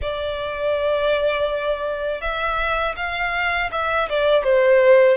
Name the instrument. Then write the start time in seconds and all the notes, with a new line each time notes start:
violin
0.01 D5
2.21 E5
2.96 F5
3.71 E5
4.09 D5
4.43 C5